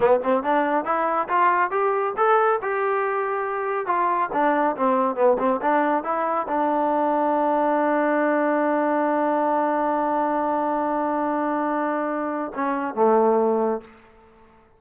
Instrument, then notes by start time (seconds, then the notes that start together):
trombone
0.00 B3
0.23 C4
0.43 D4
0.84 E4
1.28 F4
1.71 G4
2.16 A4
2.62 G4
3.86 F4
4.32 D4
4.76 C4
5.15 B3
5.38 C4
5.61 D4
6.03 E4
6.47 D4
12.55 C#4
12.95 A3